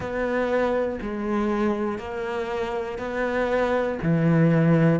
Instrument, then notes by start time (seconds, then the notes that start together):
cello
0.00 B3
1.01 G#3
1.98 A#3
2.98 B3
4.02 E3